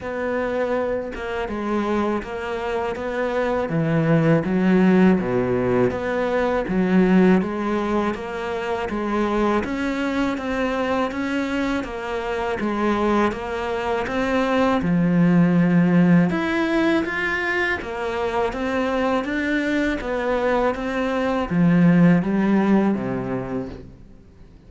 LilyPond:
\new Staff \with { instrumentName = "cello" } { \time 4/4 \tempo 4 = 81 b4. ais8 gis4 ais4 | b4 e4 fis4 b,4 | b4 fis4 gis4 ais4 | gis4 cis'4 c'4 cis'4 |
ais4 gis4 ais4 c'4 | f2 e'4 f'4 | ais4 c'4 d'4 b4 | c'4 f4 g4 c4 | }